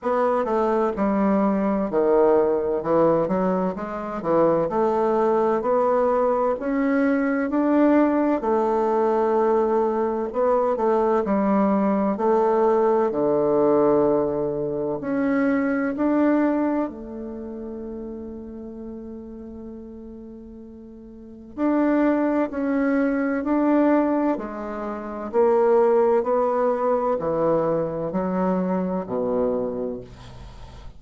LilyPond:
\new Staff \with { instrumentName = "bassoon" } { \time 4/4 \tempo 4 = 64 b8 a8 g4 dis4 e8 fis8 | gis8 e8 a4 b4 cis'4 | d'4 a2 b8 a8 | g4 a4 d2 |
cis'4 d'4 a2~ | a2. d'4 | cis'4 d'4 gis4 ais4 | b4 e4 fis4 b,4 | }